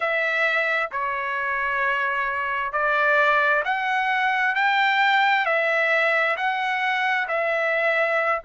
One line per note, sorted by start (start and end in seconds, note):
0.00 0.90 E5
0.91 2.72 C#5
2.72 3.63 D5
3.64 4.55 F#5
4.55 5.45 G5
5.45 6.36 E5
6.36 7.27 F#5
7.27 8.41 E5